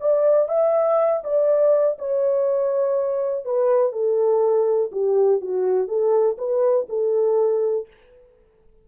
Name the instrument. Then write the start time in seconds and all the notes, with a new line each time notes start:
horn
0.00 D5
0.49 E5
1.23 D5
1.98 C#5
3.44 B4
3.92 A4
4.91 G4
5.41 F#4
5.87 A4
6.38 B4
6.89 A4